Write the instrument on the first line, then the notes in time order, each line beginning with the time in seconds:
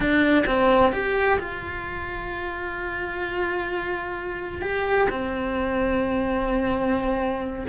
cello
0.00 D4
0.46 C4
0.92 G4
1.39 F4
4.61 G4
5.09 C4